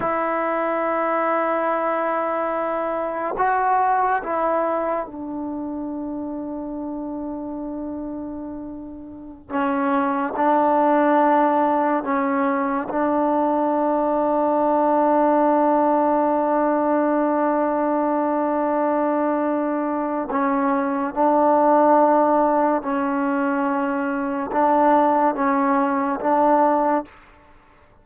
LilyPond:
\new Staff \with { instrumentName = "trombone" } { \time 4/4 \tempo 4 = 71 e'1 | fis'4 e'4 d'2~ | d'2.~ d'16 cis'8.~ | cis'16 d'2 cis'4 d'8.~ |
d'1~ | d'1 | cis'4 d'2 cis'4~ | cis'4 d'4 cis'4 d'4 | }